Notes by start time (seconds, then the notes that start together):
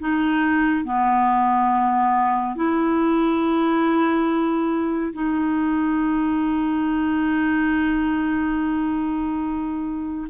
0.00 D#4
0.85 B3
2.56 E4
5.14 D#4